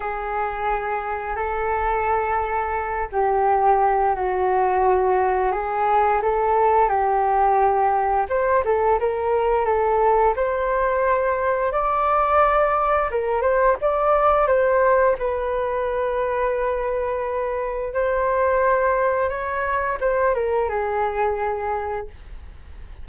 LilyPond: \new Staff \with { instrumentName = "flute" } { \time 4/4 \tempo 4 = 87 gis'2 a'2~ | a'8 g'4. fis'2 | gis'4 a'4 g'2 | c''8 a'8 ais'4 a'4 c''4~ |
c''4 d''2 ais'8 c''8 | d''4 c''4 b'2~ | b'2 c''2 | cis''4 c''8 ais'8 gis'2 | }